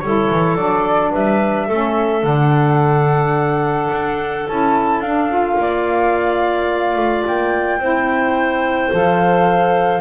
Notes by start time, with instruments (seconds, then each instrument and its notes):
0.00 double bass G3, saxophone E4, clarinet A4, flute C#5
0.30 double bass E3
0.55 double bass F#3, saxophone D4, flute D5
1.11 double bass G3, clarinet B4, flute E5
1.67 double bass A3, saxophone C#4, clarinet A4
2.21 double bass D3, saxophone D4, flute F#5
3.91 double bass D4
4.47 double bass C#4, saxophone E4, flute A5
5.00 double bass D4, saxophone D4, flute F5
5.29 saxophone F4
5.59 double bass A#3, clarinet D5
6.96 double bass A3
7.27 double bass A#3, flute G5
7.78 double bass C4, saxophone E4, clarinet C5
8.91 double bass F3, saxophone A4, flute F5